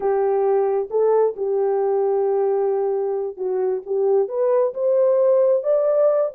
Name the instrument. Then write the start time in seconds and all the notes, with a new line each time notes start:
horn
0.00 G4
0.90 A4
1.36 G4
3.36 F#4
3.86 G4
4.28 B4
4.73 C5
5.63 D5